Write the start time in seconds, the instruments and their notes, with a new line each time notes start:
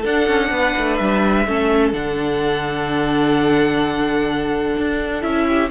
0.00 cello D4, viola D4, violin A4 F#5
0.27 cello C#4
0.50 cello B3, violin B4
0.77 cello A3
0.96 cello G3, violin E5
1.46 cello A3, viola C#4, violin A4
1.93 cello D3, viola D4, violin F#5
4.77 cello D4
5.21 cello C#4, viola E4, violin E5
5.47 violin G4